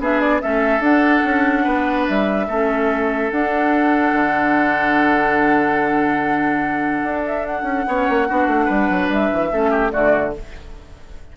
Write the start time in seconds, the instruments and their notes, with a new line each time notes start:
0.00 bassoon B3, clarinet D4, oboe G#4, flute E5
0.20 flute D5
0.41 bassoon A3, clarinet C#4, oboe A4, flute E5
0.79 bassoon D4, clarinet D4, flute F#5
1.25 bassoon C#4
1.64 bassoon B3, oboe B4
2.08 bassoon G3, flute E5
2.48 bassoon A3, clarinet C#4, oboe A4
3.31 bassoon D4, clarinet D4, flute F#5
4.13 bassoon D3
7.04 bassoon D4
7.26 flute E5
7.46 flute F#5
7.63 bassoon C#4
7.87 bassoon B3, clarinet C#4, oboe C#5
8.09 bassoon A#3
8.28 bassoon B3, clarinet D4, oboe F#4
8.48 bassoon A3
8.66 bassoon G3, oboe B4
8.90 bassoon F#3
9.09 bassoon G3, flute E5
9.33 bassoon E3
9.52 bassoon A3, clarinet C#4, oboe A4
9.71 oboe G4
9.91 bassoon D3, clarinet A3, oboe F#4, flute D5